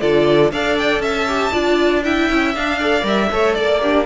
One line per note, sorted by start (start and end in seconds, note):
0.00 0.52 D3
0.00 0.52 F4
0.00 0.52 A4
0.00 0.51 D5
0.52 0.99 D4
0.52 1.28 A4
0.52 1.02 D5
0.52 0.78 F5
0.78 1.01 G5
0.99 1.50 C#4
0.99 1.53 E5
0.99 2.03 A5
1.28 1.52 G4
1.52 2.30 D4
1.52 2.03 F4
1.52 2.03 D5
2.04 2.55 E4
2.04 2.79 E5
2.04 2.55 G5
2.30 2.55 C#4
2.55 3.03 D4
2.55 2.80 D4
2.55 3.06 F5
2.79 3.02 A4
2.79 3.30 D5
3.02 3.28 G3
3.02 3.27 A#4
3.02 3.54 E5
3.32 3.58 A3
3.32 3.81 A4
3.32 3.55 C#5
3.54 4.06 A#3
3.54 4.05 D5
3.54 3.81 D5
3.81 4.06 D4
3.81 4.06 G4